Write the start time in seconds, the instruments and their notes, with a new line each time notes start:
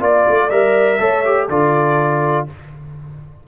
0.00 tuba A#3, trombone F4, horn D5, trumpet D5
0.28 tuba A3
0.50 tuba G3, trombone A#4, trumpet E5
0.99 tuba A3, trombone A4, horn C#5
1.25 trombone G4
1.48 tuba D3, trombone F4, horn A4, trumpet D5